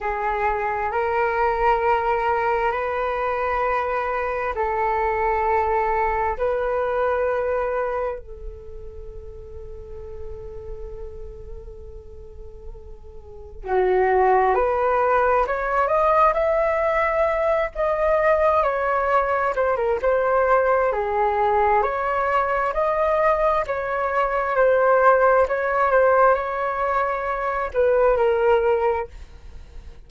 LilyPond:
\new Staff \with { instrumentName = "flute" } { \time 4/4 \tempo 4 = 66 gis'4 ais'2 b'4~ | b'4 a'2 b'4~ | b'4 a'2.~ | a'2. fis'4 |
b'4 cis''8 dis''8 e''4. dis''8~ | dis''8 cis''4 c''16 ais'16 c''4 gis'4 | cis''4 dis''4 cis''4 c''4 | cis''8 c''8 cis''4. b'8 ais'4 | }